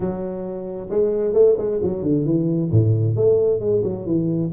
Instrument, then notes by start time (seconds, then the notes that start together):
tuba
0.00 F#3
0.89 G#3
1.33 A3
1.57 G#3
1.82 F#3
2.02 D3
2.25 E3
2.71 A2
3.16 A3
3.59 G#3
3.83 F#3
4.06 E3